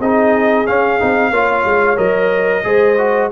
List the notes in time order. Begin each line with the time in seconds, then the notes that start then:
0.00 C4 D#4 G#4 D#5
0.67 C#4 F5
1.00 C4 D#4
1.31 A#3 F4 C#5
1.65 G#3
1.97 F#3 A#4 D#5
2.64 G#3 G#4 C5
2.98 F#4